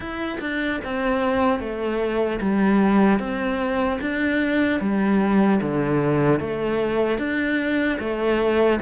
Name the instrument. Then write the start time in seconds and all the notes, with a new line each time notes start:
cello
0.00 E4
0.40 D4
0.84 C4
1.59 A3
2.40 G3
3.19 C4
4.00 D4
4.80 G3
5.61 D3
6.40 A3
7.18 D4
7.99 A3